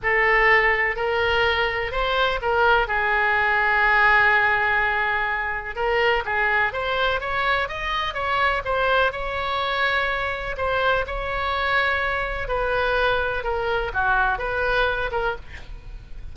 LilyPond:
\new Staff \with { instrumentName = "oboe" } { \time 4/4 \tempo 4 = 125 a'2 ais'2 | c''4 ais'4 gis'2~ | gis'1 | ais'4 gis'4 c''4 cis''4 |
dis''4 cis''4 c''4 cis''4~ | cis''2 c''4 cis''4~ | cis''2 b'2 | ais'4 fis'4 b'4. ais'8 | }